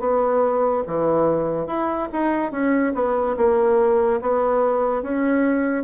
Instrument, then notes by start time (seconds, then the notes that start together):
bassoon
0.00 B3
0.87 E3
1.67 E4
2.13 D#4
2.52 C#4
2.95 B3
3.37 A#3
4.21 B3
5.03 C#4